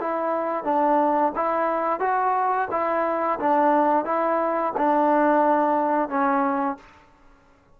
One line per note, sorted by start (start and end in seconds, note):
0.00 0.64 E4
0.64 1.32 D4
1.35 2.00 E4
2.00 2.68 F#4
2.71 3.39 E4
3.39 4.05 D4
4.05 4.73 E4
4.77 6.09 D4
6.09 6.77 C#4